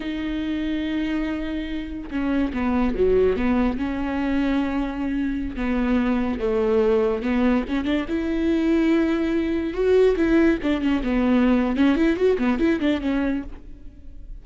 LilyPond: \new Staff \with { instrumentName = "viola" } { \time 4/4 \tempo 4 = 143 dis'1~ | dis'4 cis'4 b4 fis4 | b4 cis'2.~ | cis'4~ cis'16 b2 a8.~ |
a4~ a16 b4 cis'8 d'8 e'8.~ | e'2.~ e'16 fis'8.~ | fis'16 e'4 d'8 cis'8 b4.~ b16 | cis'8 e'8 fis'8 b8 e'8 d'8 cis'4 | }